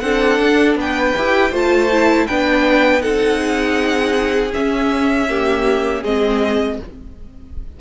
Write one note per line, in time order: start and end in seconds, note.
0.00 0.40 C4
0.00 1.16 D4
0.00 0.79 A4
0.00 0.75 F#5
0.40 0.76 D4
0.76 1.13 B3
0.76 1.51 B4
0.76 1.55 G5
1.18 1.51 E4
1.18 1.53 G4
1.51 2.26 A3
1.51 1.90 F4
1.51 2.26 C5
1.51 2.27 A5
1.92 2.29 E4
2.27 3.05 B3
2.27 3.01 D4
2.27 3.03 B4
2.27 3.02 G5
3.01 4.55 C4
3.01 4.51 D#4
3.01 3.40 A4
3.01 4.52 F#5
3.40 5.28 G#4
4.54 5.29 C#4
4.54 6.05 C#4
4.54 6.04 E5
5.30 6.05 A#3
5.30 6.02 G4
6.02 6.80 G#3
6.02 6.81 C4
6.02 6.77 G#4
6.02 6.80 D#5